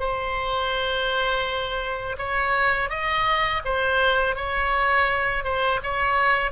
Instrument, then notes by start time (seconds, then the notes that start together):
oboe
0.00 C5
2.19 C#5
2.90 D#5
3.65 C5
4.36 C#5
5.44 C5
5.84 C#5